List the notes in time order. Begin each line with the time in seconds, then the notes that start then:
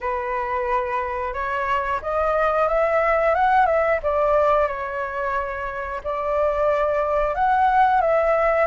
0.01 B4
1.33 C#5
2.02 D#5
2.68 E5
3.35 F#5
3.66 E5
4.02 D5
4.67 C#5
6.03 D5
7.34 F#5
8.01 E5